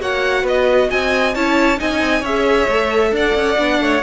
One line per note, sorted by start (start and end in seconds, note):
0.00 0.44 A#3
0.00 1.34 F#4
0.00 0.43 C#5
0.00 0.46 F#5
0.43 0.88 B3
0.43 0.88 B4
0.43 0.91 D#5
0.90 1.36 C4
0.90 1.35 D#5
0.90 1.35 G#5
1.35 1.80 C#4
1.35 1.77 E4
1.35 1.79 C#5
1.35 1.79 A5
1.77 1.91 C4
1.77 2.22 D#4
1.77 2.20 D#5
1.77 2.25 G#5
1.91 2.00 C#4
2.00 2.21 C4
2.20 2.66 C#4
2.20 2.70 G#4
2.20 3.10 C#5
2.20 3.14 E5
2.68 3.12 A3
2.68 3.57 A4
3.12 3.34 D4
3.12 3.83 D5
3.12 4.03 F#5
3.35 3.57 C#4
3.57 3.81 B3
3.57 4.02 D4
3.81 4.03 A3
3.81 4.03 C#5